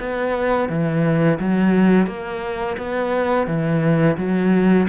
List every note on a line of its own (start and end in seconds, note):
0.00 0.69 B3
0.69 1.39 E3
1.40 2.07 F#3
2.07 2.77 A#3
2.78 3.48 B3
3.48 4.17 E3
4.18 4.87 F#3